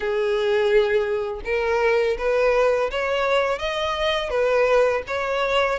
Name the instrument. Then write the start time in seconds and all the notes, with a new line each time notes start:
violin
0.00 G#4
1.45 A#4
2.18 B4
2.90 C#5
3.58 D#5
4.29 B4
5.07 C#5